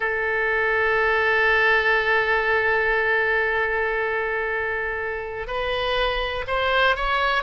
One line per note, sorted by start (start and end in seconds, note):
0.00 5.47 A4
5.47 6.44 B4
6.47 6.96 C5
6.96 7.43 C#5